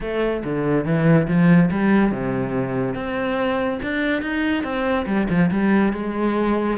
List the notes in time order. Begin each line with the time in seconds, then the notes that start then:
0.00 A3
0.44 D3
0.85 E3
1.27 F3
1.70 G3
2.11 C3
2.95 C4
3.82 D4
4.22 D#4
4.63 C4
5.06 G3
5.29 F3
5.51 G3
5.93 G#3